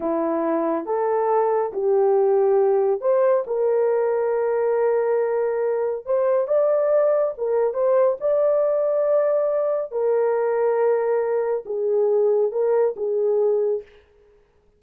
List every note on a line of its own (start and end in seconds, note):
0.00 0.85 E4
0.85 1.72 A4
1.72 3.00 G4
3.00 3.44 C5
3.46 6.05 A#4
6.05 6.47 C5
6.47 7.33 D5
7.37 7.73 A#4
7.73 8.17 C5
8.20 9.91 D5
9.91 11.64 A#4
11.65 12.51 G#4
12.51 12.94 A#4
12.96 13.82 G#4